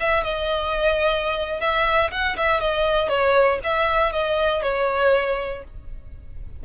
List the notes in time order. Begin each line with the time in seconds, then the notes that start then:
0.00 E5
0.24 D#5
1.60 E5
2.11 F#5
2.37 E5
2.60 D#5
3.09 C#5
3.63 E5
4.12 D#5
4.62 C#5